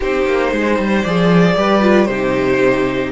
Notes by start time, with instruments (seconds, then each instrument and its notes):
0.00 cello C4, viola D#4, violin G4 C5
0.26 cello A#3
0.51 cello G#3, violin C5
0.78 cello G3
1.02 cello F3, viola G#4, violin D5
1.56 cello G3, viola G4, violin B4
1.81 viola F4
2.05 cello C3, violin G4 C5
2.11 viola D#4